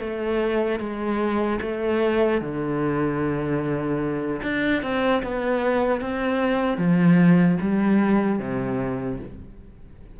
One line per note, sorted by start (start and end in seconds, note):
0.00 0.80 A3
0.80 1.60 G#3
1.61 2.41 A3
2.41 4.41 D3
4.43 4.83 D4
4.83 5.23 C4
5.23 6.01 B3
6.01 6.77 C4
6.77 7.57 F3
7.61 8.39 G3
8.39 9.19 C3